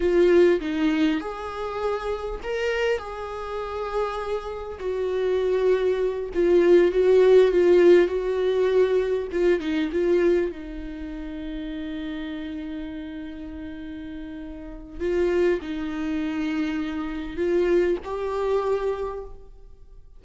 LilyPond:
\new Staff \with { instrumentName = "viola" } { \time 4/4 \tempo 4 = 100 f'4 dis'4 gis'2 | ais'4 gis'2. | fis'2~ fis'8 f'4 fis'8~ | fis'8 f'4 fis'2 f'8 |
dis'8 f'4 dis'2~ dis'8~ | dis'1~ | dis'4 f'4 dis'2~ | dis'4 f'4 g'2 | }